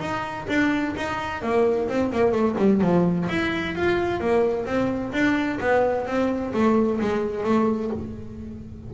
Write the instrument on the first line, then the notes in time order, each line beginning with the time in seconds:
double bass
0.00 D#4
0.48 D4
0.96 D#4
1.42 A#3
1.88 C4
2.12 A#3
2.32 A3
2.58 G3
2.81 F3
3.29 E4
3.75 F4
4.20 A#3
4.66 C4
5.12 D4
5.60 B3
6.06 C4
6.53 A3
7.01 G#3
7.44 A3